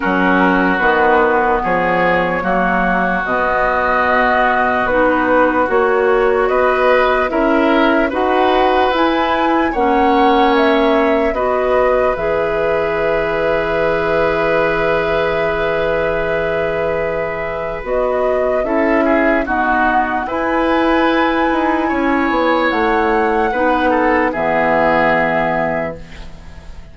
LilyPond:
<<
  \new Staff \with { instrumentName = "flute" } { \time 4/4 \tempo 4 = 74 ais'4 b'4 cis''2 | dis''2 b'4 cis''4 | dis''4 e''4 fis''4 gis''4 | fis''4 e''4 dis''4 e''4~ |
e''1~ | e''2 dis''4 e''4 | fis''4 gis''2. | fis''2 e''2 | }
  \new Staff \with { instrumentName = "oboe" } { \time 4/4 fis'2 gis'4 fis'4~ | fis'1 | b'4 ais'4 b'2 | cis''2 b'2~ |
b'1~ | b'2. a'8 gis'8 | fis'4 b'2 cis''4~ | cis''4 b'8 a'8 gis'2 | }
  \new Staff \with { instrumentName = "clarinet" } { \time 4/4 cis'4 b2 ais4 | b2 dis'4 fis'4~ | fis'4 e'4 fis'4 e'4 | cis'2 fis'4 gis'4~ |
gis'1~ | gis'2 fis'4 e'4 | b4 e'2.~ | e'4 dis'4 b2 | }
  \new Staff \with { instrumentName = "bassoon" } { \time 4/4 fis4 dis4 f4 fis4 | b,2 b4 ais4 | b4 cis'4 dis'4 e'4 | ais2 b4 e4~ |
e1~ | e2 b4 cis'4 | dis'4 e'4. dis'8 cis'8 b8 | a4 b4 e2 | }
>>